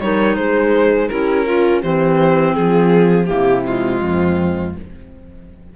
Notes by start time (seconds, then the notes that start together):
0.00 G3 D#4 A#4 C#5
0.36 G#3 G#4 C5
1.08 C#4 E4 G4 A#4
1.45 F4
1.82 E3 C4 G4 C5
2.55 F3 F4 G#4
3.26 C3 A#3 E4 G4
3.64 G#3 F4
4.01 F2 C4